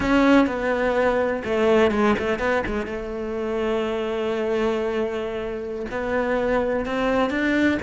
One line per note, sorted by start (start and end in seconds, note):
0.00 0.46 C#4
0.46 1.42 B3
1.44 1.91 A3
1.91 2.15 G#3
2.18 2.38 A3
2.38 2.62 B3
2.66 2.86 G#3
2.86 5.86 A3
5.90 6.85 B3
6.85 7.29 C4
7.29 7.77 D4